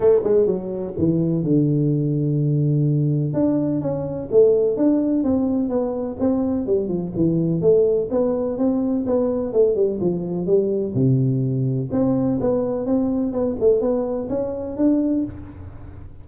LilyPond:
\new Staff \with { instrumentName = "tuba" } { \time 4/4 \tempo 4 = 126 a8 gis8 fis4 e4 d4~ | d2. d'4 | cis'4 a4 d'4 c'4 | b4 c'4 g8 f8 e4 |
a4 b4 c'4 b4 | a8 g8 f4 g4 c4~ | c4 c'4 b4 c'4 | b8 a8 b4 cis'4 d'4 | }